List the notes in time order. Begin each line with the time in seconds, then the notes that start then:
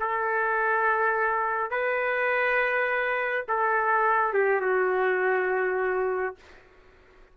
0.00 A4
1.71 B4
3.48 A4
4.33 G4
4.61 F#4